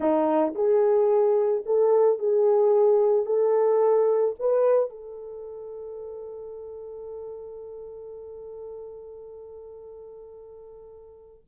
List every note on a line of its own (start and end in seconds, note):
0.00 0.53 D#4
0.55 1.64 G#4
1.65 2.18 A4
2.18 3.25 G#4
3.25 4.34 A4
4.39 4.89 B4
4.89 11.44 A4